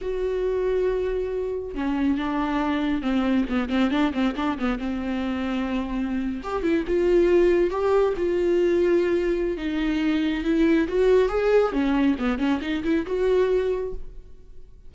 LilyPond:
\new Staff \with { instrumentName = "viola" } { \time 4/4 \tempo 4 = 138 fis'1 | cis'4 d'2 c'4 | b8 c'8 d'8 c'8 d'8 b8 c'4~ | c'2~ c'8. g'8 e'8 f'16~ |
f'4.~ f'16 g'4 f'4~ f'16~ | f'2 dis'2 | e'4 fis'4 gis'4 cis'4 | b8 cis'8 dis'8 e'8 fis'2 | }